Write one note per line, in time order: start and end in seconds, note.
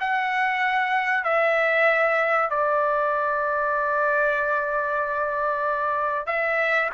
0.00 1.24 F#5
1.24 2.50 E5
2.50 6.26 D5
6.26 6.90 E5